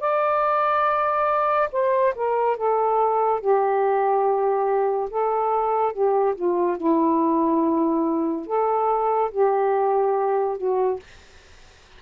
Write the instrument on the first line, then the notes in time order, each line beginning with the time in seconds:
saxophone
0.00 D5
1.72 C5
2.15 A#4
2.57 A4
3.41 G4
5.10 A4
5.93 G4
6.35 F4
6.78 E4
8.47 A4
9.31 G4
10.58 F#4